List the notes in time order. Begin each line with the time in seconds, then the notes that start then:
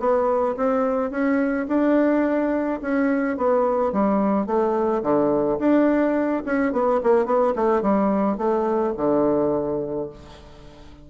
0.00 B3
0.57 C4
1.11 C#4
1.68 D4
2.82 C#4
3.38 B3
3.93 G3
4.47 A3
5.03 D3
5.59 D4
6.46 C#4
6.73 B3
7.03 A#3
7.26 B3
7.56 A3
7.82 G3
8.38 A3
8.98 D3